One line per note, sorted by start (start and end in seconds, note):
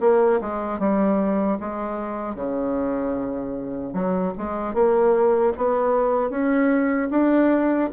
0.00 0.39 A#3
0.41 0.79 G#3
0.79 1.58 G3
1.60 2.35 G#3
2.35 3.93 C#3
3.93 4.32 F#3
4.37 4.74 G#3
4.74 5.53 A#3
5.57 6.29 B3
6.29 7.08 C#4
7.10 7.89 D4